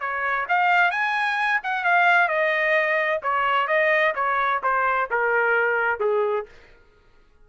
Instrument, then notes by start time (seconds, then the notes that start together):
trumpet
0.00 C#5
0.48 F5
0.91 G#5
1.63 F#5
1.84 F5
2.28 D#5
3.22 C#5
3.67 D#5
4.15 C#5
4.63 C5
5.10 A#4
6.00 G#4